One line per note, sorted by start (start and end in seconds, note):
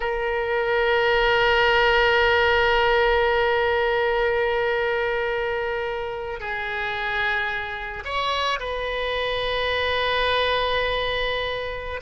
0.00 6.39 A#4
6.39 8.03 G#4
8.05 8.59 C#5
8.59 12.00 B4